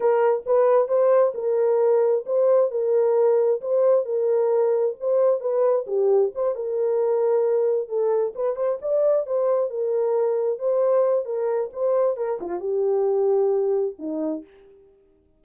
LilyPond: \new Staff \with { instrumentName = "horn" } { \time 4/4 \tempo 4 = 133 ais'4 b'4 c''4 ais'4~ | ais'4 c''4 ais'2 | c''4 ais'2 c''4 | b'4 g'4 c''8 ais'4.~ |
ais'4. a'4 b'8 c''8 d''8~ | d''8 c''4 ais'2 c''8~ | c''4 ais'4 c''4 ais'8 f'8 | g'2. dis'4 | }